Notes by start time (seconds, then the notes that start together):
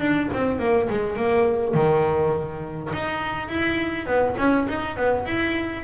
0.00 D4
0.33 C4
0.59 A#3
0.90 G#3
1.17 A#3
1.74 D#3
2.93 D#4
3.49 E4
4.06 B3
4.38 C#4
4.68 D#4
4.97 B3
5.26 E4